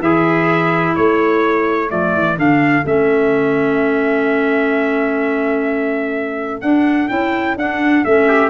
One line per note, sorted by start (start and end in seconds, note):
0.00 0.94 E3
0.00 1.88 E4
0.00 0.96 G#4
0.00 0.96 E5
0.96 1.91 A3
0.96 8.28 A4
0.96 1.90 C#5
1.88 2.14 F3
1.88 2.35 A3
1.88 2.37 D5
2.14 2.37 E3
2.36 2.84 D3
2.36 2.84 D4
2.36 2.86 F5
2.85 6.62 A3
2.85 6.62 C#4
2.85 6.61 E5
6.61 7.09 D4
6.61 7.10 D4
6.61 7.08 F#5
7.08 7.56 C#4
7.08 7.56 E4
7.08 7.56 G5
7.56 8.03 D4
7.56 8.05 D4
7.56 8.04 F#5
8.04 8.50 A3
8.04 8.50 C#4
8.04 8.50 E5
8.28 8.50 G4